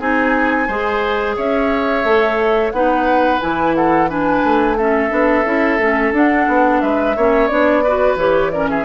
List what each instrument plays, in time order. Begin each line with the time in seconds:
0.00 bassoon C4, clarinet D#4, oboe G#4, flute G#5
0.68 bassoon G#3, clarinet G#4, oboe C5
1.37 bassoon C#4, oboe C#5, flute E5
2.05 bassoon A3, clarinet A4
2.71 bassoon B3, clarinet D#4, oboe B4, flute F#5
3.40 bassoon E3, clarinet E4, flute G#5
3.75 oboe A4, flute F#5
4.09 clarinet D4, oboe B4, flute G#5
4.44 bassoon A3
4.77 clarinet C#4, oboe A4, flute E5
5.10 bassoon B3, clarinet D4
5.45 bassoon C#4, clarinet E4
5.79 bassoon A3, clarinet C#4
6.12 bassoon D4, clarinet D4, flute F#5
6.48 bassoon B3
6.81 bassoon G#3, oboe B4, flute E5
7.17 bassoon A#3, clarinet C#4, oboe C#5
7.48 bassoon B3, clarinet D4, flute D5
7.84 clarinet F#4, oboe B4
8.16 bassoon E3, clarinet G4, flute C#5
8.51 clarinet C#4, oboe A#4, flute D5
8.70 oboe G#4, flute E5